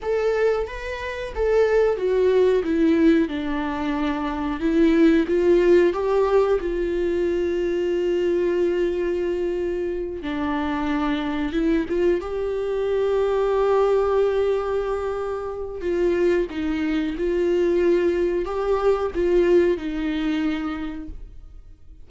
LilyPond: \new Staff \with { instrumentName = "viola" } { \time 4/4 \tempo 4 = 91 a'4 b'4 a'4 fis'4 | e'4 d'2 e'4 | f'4 g'4 f'2~ | f'2.~ f'8 d'8~ |
d'4. e'8 f'8 g'4.~ | g'1 | f'4 dis'4 f'2 | g'4 f'4 dis'2 | }